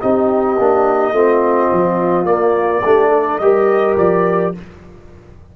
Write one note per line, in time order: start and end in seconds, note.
0.00 0.59 C4
0.00 0.57 D#4
0.00 1.14 G4
0.00 2.26 D#5
0.59 1.12 A#3
0.59 1.14 D4
1.12 1.69 A3
1.12 2.26 C4
1.12 2.83 F4
1.72 2.25 F3
2.25 2.81 A#3
2.25 2.82 A#3
2.25 3.39 D5
2.84 3.40 A3
2.84 3.42 D4
2.84 3.09 G4
3.09 3.37 A4
3.39 3.96 G3
3.39 4.55 G4
3.39 4.56 A#4
3.39 3.95 D#5
3.97 4.54 F3
3.97 4.54 D5